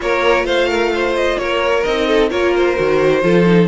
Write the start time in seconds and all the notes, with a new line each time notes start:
0.00 A#3 F4 A#4 C#5
0.44 A3 C5 F5
0.68 A#4
0.94 C5
1.15 D#5
1.37 A#3 A#4 C#5
1.83 C4 D#4 D#5
2.07 A4
2.29 A#3 F4 A#4 C#5
2.56 C5
2.76 D#3 F#4
3.21 F3 F4 A4
3.45 D#4